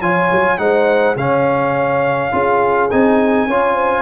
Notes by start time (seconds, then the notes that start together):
0.00 F3 F4 C#5 G#5
0.32 F#3
0.58 G#3 D#4 C5 F#5
1.16 C#3 C#4 C#5 F5
2.32 C#4 F4 G#4
2.90 C4 D#4 G#5
3.47 C#4 F4 C#5
3.74 C5